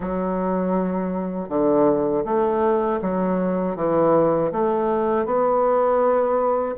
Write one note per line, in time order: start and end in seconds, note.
0.00 1.48 F#3
1.48 2.23 D3
2.25 3.00 A3
3.01 3.76 F#3
3.76 4.51 E3
4.52 5.25 A3
5.25 6.75 B3